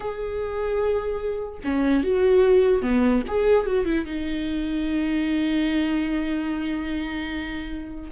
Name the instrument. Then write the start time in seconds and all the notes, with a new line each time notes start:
viola
0.00 G#4
1.64 C#4
2.03 F#4
2.82 B3
3.27 G#4
3.66 F#4
3.85 E4
4.05 D#4